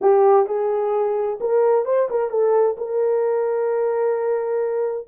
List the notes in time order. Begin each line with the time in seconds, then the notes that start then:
0.01 G4
0.46 G#4
1.40 A#4
1.85 C5
2.09 A#4
2.30 A4
2.77 A#4